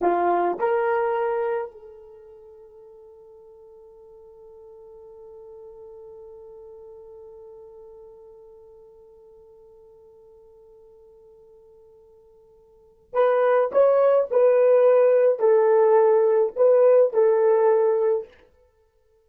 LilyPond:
\new Staff \with { instrumentName = "horn" } { \time 4/4 \tempo 4 = 105 f'4 ais'2 a'4~ | a'1~ | a'1~ | a'1~ |
a'1~ | a'2. b'4 | cis''4 b'2 a'4~ | a'4 b'4 a'2 | }